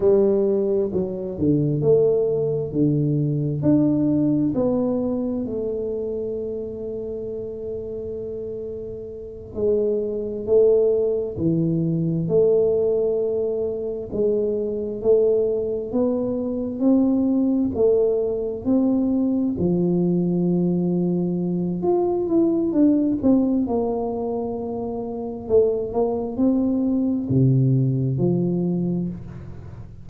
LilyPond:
\new Staff \with { instrumentName = "tuba" } { \time 4/4 \tempo 4 = 66 g4 fis8 d8 a4 d4 | d'4 b4 a2~ | a2~ a8 gis4 a8~ | a8 e4 a2 gis8~ |
gis8 a4 b4 c'4 a8~ | a8 c'4 f2~ f8 | f'8 e'8 d'8 c'8 ais2 | a8 ais8 c'4 c4 f4 | }